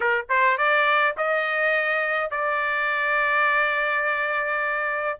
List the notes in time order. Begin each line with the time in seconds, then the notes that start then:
0.00 A#4
0.29 C5
0.57 D5
1.17 D#5
2.31 D5